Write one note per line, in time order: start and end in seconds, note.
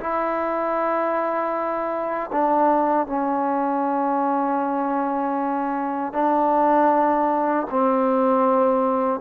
0.00 2.31 E4
2.33 3.07 D4
3.07 6.13 C#4
6.13 7.67 D4
7.71 9.21 C4